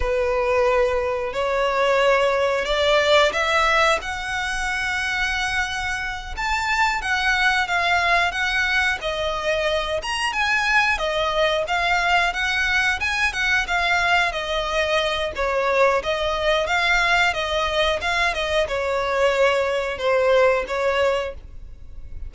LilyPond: \new Staff \with { instrumentName = "violin" } { \time 4/4 \tempo 4 = 90 b'2 cis''2 | d''4 e''4 fis''2~ | fis''4. a''4 fis''4 f''8~ | f''8 fis''4 dis''4. ais''8 gis''8~ |
gis''8 dis''4 f''4 fis''4 gis''8 | fis''8 f''4 dis''4. cis''4 | dis''4 f''4 dis''4 f''8 dis''8 | cis''2 c''4 cis''4 | }